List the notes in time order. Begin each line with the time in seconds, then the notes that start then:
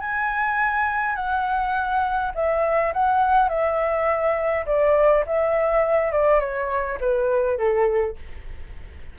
0.00 G#5
1.15 F#5
2.35 E5
2.93 F#5
3.49 E5
4.66 D5
5.26 E5
6.12 D5
6.40 C#5
7.00 B4
7.58 A4